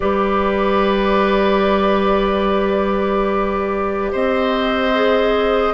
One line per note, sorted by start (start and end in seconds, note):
0.00 4.12 G3
0.00 4.93 G4
0.00 4.11 B4
0.00 4.11 D5
4.11 5.73 C4
4.11 5.73 C5
4.11 5.73 D#5
4.94 5.73 G#4